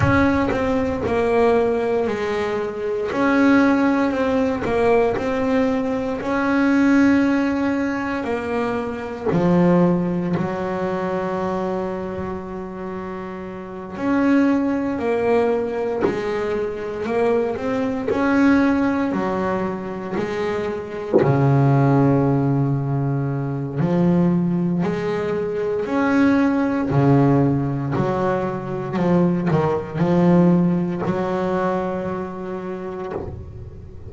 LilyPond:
\new Staff \with { instrumentName = "double bass" } { \time 4/4 \tempo 4 = 58 cis'8 c'8 ais4 gis4 cis'4 | c'8 ais8 c'4 cis'2 | ais4 f4 fis2~ | fis4. cis'4 ais4 gis8~ |
gis8 ais8 c'8 cis'4 fis4 gis8~ | gis8 cis2~ cis8 f4 | gis4 cis'4 cis4 fis4 | f8 dis8 f4 fis2 | }